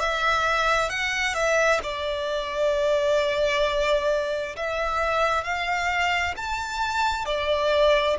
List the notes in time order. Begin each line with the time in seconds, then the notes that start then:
0.00 E5
0.89 F#5
1.34 E5
1.83 D5
4.57 E5
5.44 F5
6.37 A5
7.26 D5